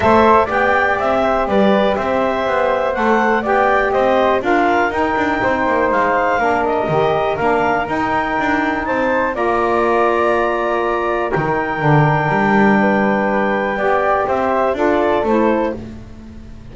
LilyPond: <<
  \new Staff \with { instrumentName = "clarinet" } { \time 4/4 \tempo 4 = 122 e''4 g''4 e''4 d''4 | e''2 fis''4 g''4 | dis''4 f''4 g''2 | f''4. dis''4. f''4 |
g''2 a''4 ais''4~ | ais''2. g''4~ | g''1~ | g''4 e''4 d''4 c''4 | }
  \new Staff \with { instrumentName = "flute" } { \time 4/4 c''4 d''4. c''8 b'4 | c''2. d''4 | c''4 ais'2 c''4~ | c''4 ais'2.~ |
ais'2 c''4 d''4~ | d''2. ais'4~ | ais'2 b'2 | d''4 c''4 a'2 | }
  \new Staff \with { instrumentName = "saxophone" } { \time 4/4 a'4 g'2.~ | g'2 a'4 g'4~ | g'4 f'4 dis'2~ | dis'4 d'4 g'4 d'4 |
dis'2. f'4~ | f'2. dis'4 | d'1 | g'2 f'4 e'4 | }
  \new Staff \with { instrumentName = "double bass" } { \time 4/4 a4 b4 c'4 g4 | c'4 b4 a4 b4 | c'4 d'4 dis'8 d'8 c'8 ais8 | gis4 ais4 dis4 ais4 |
dis'4 d'4 c'4 ais4~ | ais2. dis4 | d4 g2. | b4 c'4 d'4 a4 | }
>>